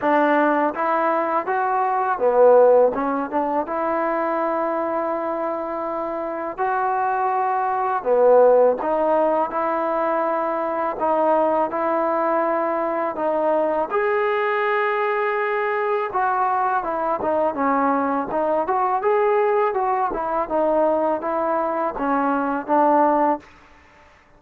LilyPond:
\new Staff \with { instrumentName = "trombone" } { \time 4/4 \tempo 4 = 82 d'4 e'4 fis'4 b4 | cis'8 d'8 e'2.~ | e'4 fis'2 b4 | dis'4 e'2 dis'4 |
e'2 dis'4 gis'4~ | gis'2 fis'4 e'8 dis'8 | cis'4 dis'8 fis'8 gis'4 fis'8 e'8 | dis'4 e'4 cis'4 d'4 | }